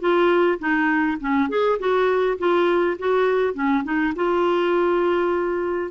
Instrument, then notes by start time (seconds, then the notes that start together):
clarinet
0.00 F4
0.59 D#4
1.21 C#4
1.49 G#4
1.79 F#4
2.39 F4
2.99 F#4
3.54 C#4
3.84 D#4
4.16 F4